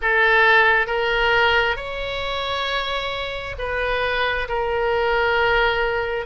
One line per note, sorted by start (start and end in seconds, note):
0.01 0.87 A4
0.87 1.76 A#4
1.76 3.55 C#5
3.58 4.48 B4
4.48 6.26 A#4